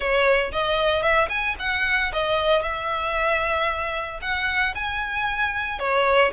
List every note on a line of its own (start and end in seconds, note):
0.00 0.51 C#5
0.52 1.02 D#5
1.02 1.28 E5
1.29 1.55 G#5
1.59 2.11 F#5
2.12 2.62 D#5
2.62 4.20 E5
4.21 4.74 F#5
4.74 5.79 G#5
5.79 6.31 C#5